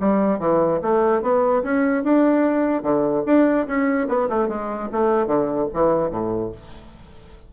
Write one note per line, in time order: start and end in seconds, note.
0.00 0.39 G3
0.39 0.80 E3
0.82 1.22 A3
1.22 1.63 B3
1.63 2.03 C#4
2.03 2.83 D4
2.83 3.23 D3
3.26 3.67 D4
3.67 4.08 C#4
4.08 4.29 B3
4.29 4.48 A3
4.48 4.89 G#3
4.92 5.27 A3
5.27 5.67 D3
5.73 6.10 E3
6.10 6.51 A2